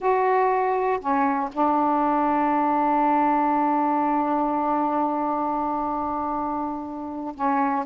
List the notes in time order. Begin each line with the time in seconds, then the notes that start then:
0.00 F#4
0.99 C#4
1.52 D4
7.35 C#4